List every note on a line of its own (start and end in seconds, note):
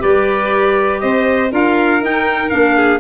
0.00 1.04 G3
0.00 1.50 G4
0.00 1.02 B4
0.00 1.01 D5
1.01 1.53 C4
1.01 1.52 C5
1.01 1.51 D#5
1.51 2.02 D4
1.51 2.01 F4
1.51 2.76 A#4
1.51 2.05 F5
2.01 2.50 D#4
2.01 2.52 D#4
2.01 2.50 G5
2.50 3.01 A#3
2.50 3.00 D4
2.50 3.00 F5
2.76 3.01 G#4